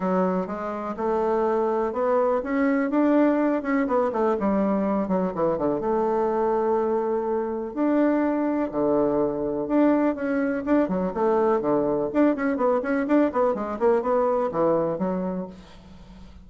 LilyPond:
\new Staff \with { instrumentName = "bassoon" } { \time 4/4 \tempo 4 = 124 fis4 gis4 a2 | b4 cis'4 d'4. cis'8 | b8 a8 g4. fis8 e8 d8 | a1 |
d'2 d2 | d'4 cis'4 d'8 fis8 a4 | d4 d'8 cis'8 b8 cis'8 d'8 b8 | gis8 ais8 b4 e4 fis4 | }